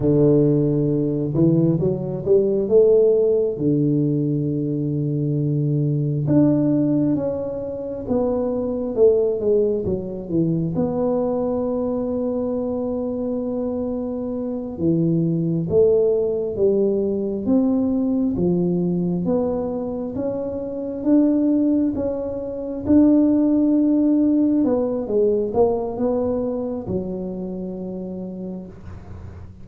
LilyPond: \new Staff \with { instrumentName = "tuba" } { \time 4/4 \tempo 4 = 67 d4. e8 fis8 g8 a4 | d2. d'4 | cis'4 b4 a8 gis8 fis8 e8 | b1~ |
b8 e4 a4 g4 c'8~ | c'8 f4 b4 cis'4 d'8~ | d'8 cis'4 d'2 b8 | gis8 ais8 b4 fis2 | }